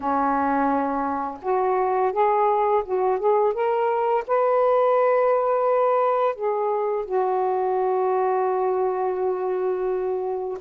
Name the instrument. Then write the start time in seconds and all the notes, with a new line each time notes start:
saxophone
0.00 C#4
1.42 F#4
2.12 G#4
2.85 F#4
3.19 G#4
3.53 A#4
4.27 B4
6.35 G#4
7.05 F#4